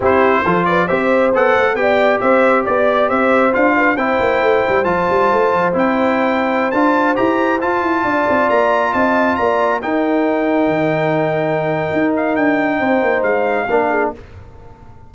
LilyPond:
<<
  \new Staff \with { instrumentName = "trumpet" } { \time 4/4 \tempo 4 = 136 c''4. d''8 e''4 fis''4 | g''4 e''4 d''4 e''4 | f''4 g''2 a''4~ | a''4 g''2~ g''16 a''8.~ |
a''16 ais''4 a''2 ais''8.~ | ais''16 a''4 ais''4 g''4.~ g''16~ | g''2.~ g''8 f''8 | g''2 f''2 | }
  \new Staff \with { instrumentName = "horn" } { \time 4/4 g'4 a'8 b'8 c''2 | d''4 c''4 d''4 c''4~ | c''8 b'8 c''2.~ | c''1~ |
c''2~ c''16 d''4.~ d''16~ | d''16 dis''4 d''4 ais'4.~ ais'16~ | ais'1~ | ais'4 c''2 ais'8 gis'8 | }
  \new Staff \with { instrumentName = "trombone" } { \time 4/4 e'4 f'4 g'4 a'4 | g'1 | f'4 e'2 f'4~ | f'4 e'2~ e'16 f'8.~ |
f'16 g'4 f'2~ f'8.~ | f'2~ f'16 dis'4.~ dis'16~ | dis'1~ | dis'2. d'4 | }
  \new Staff \with { instrumentName = "tuba" } { \time 4/4 c'4 f4 c'4 b8 a8 | b4 c'4 b4 c'4 | d'4 c'8 ais8 a8 g8 f8 g8 | a8 f8 c'2~ c'16 d'8.~ |
d'16 e'4 f'8 e'8 d'8 c'8 ais8.~ | ais16 c'4 ais4 dis'4.~ dis'16~ | dis'16 dis2~ dis8. dis'4 | d'4 c'8 ais8 gis4 ais4 | }
>>